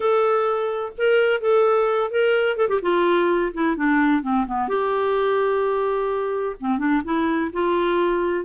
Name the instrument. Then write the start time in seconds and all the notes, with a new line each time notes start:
clarinet
0.00 A4
0.97 A#4
1.40 A4
2.11 A#4
2.56 A4
2.68 G4
2.82 F4
3.53 E4
3.76 D4
4.22 C4
4.47 B3
4.68 G4
6.60 C4
6.78 D4
7.04 E4
7.52 F4